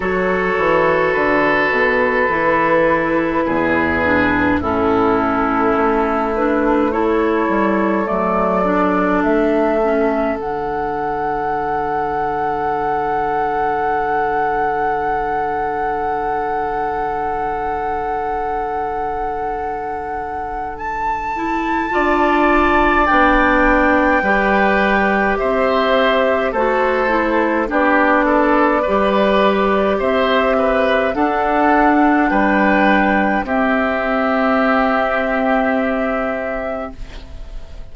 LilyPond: <<
  \new Staff \with { instrumentName = "flute" } { \time 4/4 \tempo 4 = 52 cis''4 b'2. | a'4. b'8 cis''4 d''4 | e''4 fis''2.~ | fis''1~ |
fis''2 a''2 | g''2 e''4 c''4 | d''2 e''4 fis''4 | g''4 e''2. | }
  \new Staff \with { instrumentName = "oboe" } { \time 4/4 a'2. gis'4 | e'2 a'2~ | a'1~ | a'1~ |
a'2. d''4~ | d''4 b'4 c''4 a'4 | g'8 a'8 b'4 c''8 b'8 a'4 | b'4 g'2. | }
  \new Staff \with { instrumentName = "clarinet" } { \time 4/4 fis'2 e'4. d'8 | cis'4. d'8 e'4 a8 d'8~ | d'8 cis'8 d'2.~ | d'1~ |
d'2~ d'8 e'8 f'4 | d'4 g'2 fis'8 e'8 | d'4 g'2 d'4~ | d'4 c'2. | }
  \new Staff \with { instrumentName = "bassoon" } { \time 4/4 fis8 e8 d8 b,8 e4 e,4 | a,4 a4. g8 fis4 | a4 d2.~ | d1~ |
d2. d'4 | b4 g4 c'4 a4 | b4 g4 c'4 d'4 | g4 c'2. | }
>>